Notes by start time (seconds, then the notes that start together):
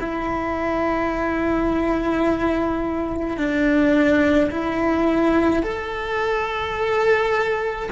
0.00 E4
3.37 D4
4.51 E4
5.63 A4